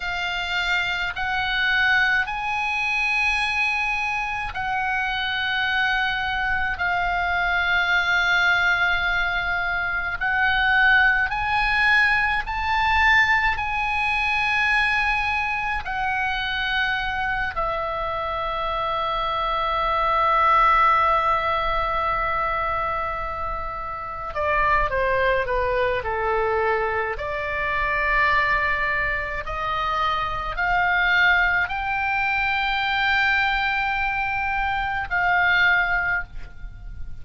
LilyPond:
\new Staff \with { instrumentName = "oboe" } { \time 4/4 \tempo 4 = 53 f''4 fis''4 gis''2 | fis''2 f''2~ | f''4 fis''4 gis''4 a''4 | gis''2 fis''4. e''8~ |
e''1~ | e''4. d''8 c''8 b'8 a'4 | d''2 dis''4 f''4 | g''2. f''4 | }